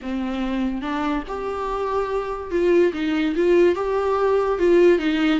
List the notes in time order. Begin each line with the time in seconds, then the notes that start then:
0.02 C4
0.81 D4
1.27 G4
2.51 F4
2.93 D#4
3.35 F4
3.75 G4
4.59 F4
4.98 D#4